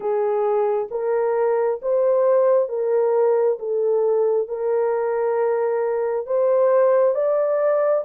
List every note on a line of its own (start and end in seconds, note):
0.00 0.88 G#4
0.90 1.80 A#4
1.82 2.69 C5
2.69 3.58 A#4
3.59 4.48 A4
4.48 6.26 A#4
6.26 7.14 C5
7.14 8.04 D5